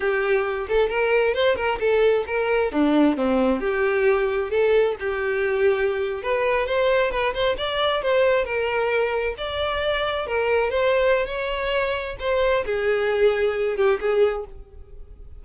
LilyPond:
\new Staff \with { instrumentName = "violin" } { \time 4/4 \tempo 4 = 133 g'4. a'8 ais'4 c''8 ais'8 | a'4 ais'4 d'4 c'4 | g'2 a'4 g'4~ | g'4.~ g'16 b'4 c''4 b'16~ |
b'16 c''8 d''4 c''4 ais'4~ ais'16~ | ais'8. d''2 ais'4 c''16~ | c''4 cis''2 c''4 | gis'2~ gis'8 g'8 gis'4 | }